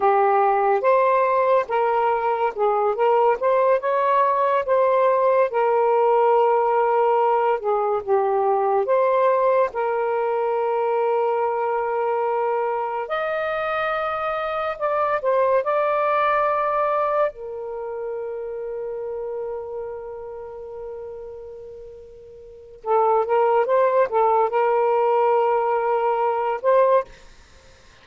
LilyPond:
\new Staff \with { instrumentName = "saxophone" } { \time 4/4 \tempo 4 = 71 g'4 c''4 ais'4 gis'8 ais'8 | c''8 cis''4 c''4 ais'4.~ | ais'4 gis'8 g'4 c''4 ais'8~ | ais'2.~ ais'8 dis''8~ |
dis''4. d''8 c''8 d''4.~ | d''8 ais'2.~ ais'8~ | ais'2. a'8 ais'8 | c''8 a'8 ais'2~ ais'8 c''8 | }